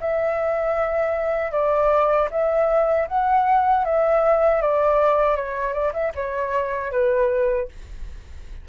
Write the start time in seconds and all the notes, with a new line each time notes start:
0.00 E5
1.51 D5
2.30 E5
3.08 F#5
3.84 E5
4.61 D5
5.35 C#5
5.73 D5
5.93 E5
6.14 C#5
6.91 B4